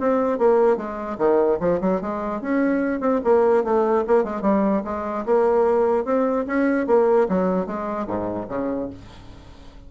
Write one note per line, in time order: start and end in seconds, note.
0.00 0.38 C4
0.38 0.77 A#3
0.77 1.17 G#3
1.18 1.59 D#3
1.60 1.80 F3
1.81 2.01 F#3
2.01 2.41 G#3
2.41 3.00 C#4
3.00 3.21 C4
3.24 3.64 A#3
3.64 4.04 A3
4.07 4.24 A#3
4.24 4.42 G#3
4.42 4.82 G3
4.84 5.25 G#3
5.26 6.05 A#3
6.05 6.45 C4
6.47 6.87 C#4
6.87 7.28 A#3
7.29 7.66 F#3
7.66 8.07 G#3
8.07 8.48 G#2
8.49 8.89 C#3